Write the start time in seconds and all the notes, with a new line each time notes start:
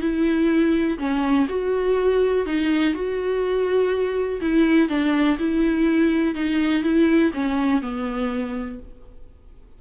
0.00 E4
0.98 C#4
1.48 F#4
2.45 D#4
2.94 F#4
4.41 E4
4.88 D4
5.38 E4
6.34 D#4
6.83 E4
7.33 C#4
7.81 B3